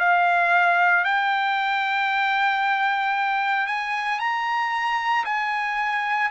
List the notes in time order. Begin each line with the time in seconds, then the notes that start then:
0.00 F5
1.05 G5
3.67 G#5
4.20 A#5
5.25 G#5